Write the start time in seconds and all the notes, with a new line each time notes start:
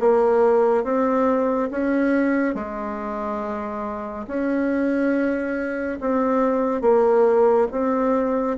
0.00 A#3
0.84 C4
1.71 C#4
2.55 G#3
4.27 C#4
6.01 C4
6.82 A#3
7.72 C4